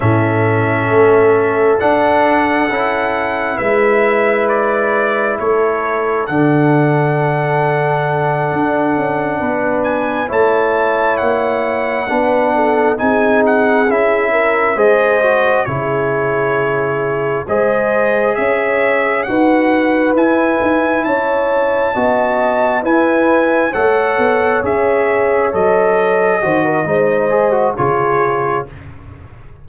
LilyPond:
<<
  \new Staff \with { instrumentName = "trumpet" } { \time 4/4 \tempo 4 = 67 e''2 fis''2 | e''4 d''4 cis''4 fis''4~ | fis''2. gis''8 a''8~ | a''8 fis''2 gis''8 fis''8 e''8~ |
e''8 dis''4 cis''2 dis''8~ | dis''8 e''4 fis''4 gis''4 a''8~ | a''4. gis''4 fis''4 e''8~ | e''8 dis''2~ dis''8 cis''4 | }
  \new Staff \with { instrumentName = "horn" } { \time 4/4 a'1 | b'2 a'2~ | a'2~ a'8 b'4 cis''8~ | cis''4. b'8 a'8 gis'4. |
ais'8 c''4 gis'2 c''8~ | c''8 cis''4 b'2 cis''8~ | cis''8 dis''4 b'4 cis''4.~ | cis''4. c''16 ais'16 c''4 gis'4 | }
  \new Staff \with { instrumentName = "trombone" } { \time 4/4 cis'2 d'4 e'4~ | e'2. d'4~ | d'2.~ d'8 e'8~ | e'4. d'4 dis'4 e'8~ |
e'8 gis'8 fis'8 e'2 gis'8~ | gis'4. fis'4 e'4.~ | e'8 fis'4 e'4 a'4 gis'8~ | gis'8 a'4 fis'8 dis'8 gis'16 fis'16 f'4 | }
  \new Staff \with { instrumentName = "tuba" } { \time 4/4 a,4 a4 d'4 cis'4 | gis2 a4 d4~ | d4. d'8 cis'8 b4 a8~ | a8 ais4 b4 c'4 cis'8~ |
cis'8 gis4 cis2 gis8~ | gis8 cis'4 dis'4 e'8 dis'8 cis'8~ | cis'8 b4 e'4 a8 b8 cis'8~ | cis'8 fis4 dis8 gis4 cis4 | }
>>